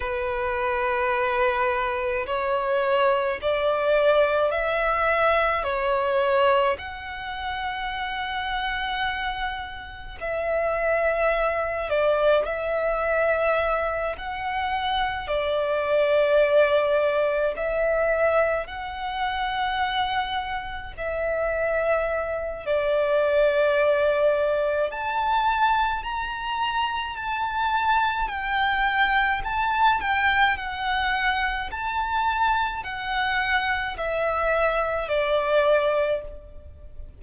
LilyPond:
\new Staff \with { instrumentName = "violin" } { \time 4/4 \tempo 4 = 53 b'2 cis''4 d''4 | e''4 cis''4 fis''2~ | fis''4 e''4. d''8 e''4~ | e''8 fis''4 d''2 e''8~ |
e''8 fis''2 e''4. | d''2 a''4 ais''4 | a''4 g''4 a''8 g''8 fis''4 | a''4 fis''4 e''4 d''4 | }